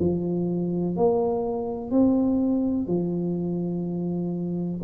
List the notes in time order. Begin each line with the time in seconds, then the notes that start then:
0.00 F3
0.97 A#3
1.91 C4
2.88 F3